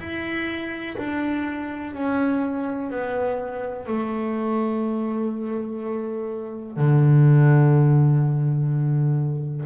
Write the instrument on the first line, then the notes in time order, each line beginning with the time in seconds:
double bass
0.00 E4
0.98 D4
1.94 C#4
2.91 B3
3.88 A3
6.77 D3